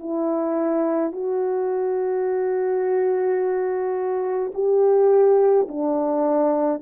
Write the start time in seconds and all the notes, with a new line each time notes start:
0.00 E4
1.13 F#4
4.54 G4
5.69 D4